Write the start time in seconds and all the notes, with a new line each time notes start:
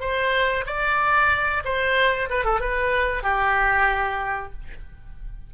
0.00 C5
0.66 D5
1.64 C5
2.30 B4
2.44 A4
2.60 B4
3.23 G4